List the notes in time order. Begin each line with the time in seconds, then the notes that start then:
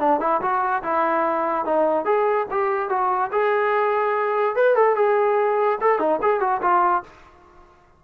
0.00 D4
0.21 E4
0.42 F#4
0.83 E4
1.66 D#4
2.06 G#4
2.51 G4
2.90 F#4
3.32 G#4
4.56 B4
4.76 A4
4.96 G#4
5.81 A4
6.00 D#4
6.22 G#4
6.41 F#4
6.62 F4